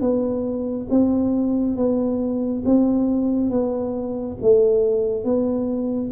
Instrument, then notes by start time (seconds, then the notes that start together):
tuba
0.00 B3
0.89 C4
1.76 B3
2.65 C4
3.50 B3
4.41 A3
5.24 B3